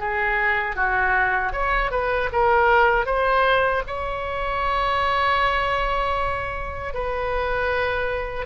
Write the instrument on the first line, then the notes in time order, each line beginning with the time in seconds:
oboe
0.00 G#4
0.76 F#4
1.53 C#5
1.91 B4
2.33 A#4
3.06 C5
3.87 C#5
6.94 B4